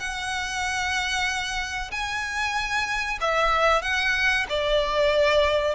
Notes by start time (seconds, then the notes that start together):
0.00 F#5
1.91 G#5
3.21 E5
3.83 F#5
4.50 D5